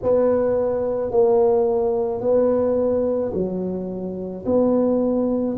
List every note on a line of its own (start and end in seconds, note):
0.02 1.11 B3
1.11 2.20 A#3
2.20 3.31 B3
3.33 4.44 F#3
4.45 5.57 B3